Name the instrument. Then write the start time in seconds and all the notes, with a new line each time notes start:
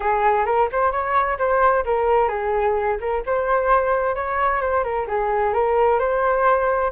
flute
0.00 G#4
0.45 A#4
0.72 C5
0.91 C#5
1.38 C5
1.84 A#4
2.28 G#4
3.00 A#4
3.26 C5
4.15 C#5
4.61 C5
4.83 A#4
5.07 G#4
5.53 A#4
5.99 C5